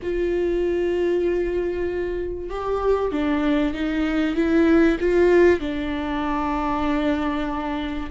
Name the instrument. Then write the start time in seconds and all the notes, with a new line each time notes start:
viola
0.02 F4
2.49 G4
3.11 D4
3.74 D#4
4.35 E4
5.00 F4
5.60 D4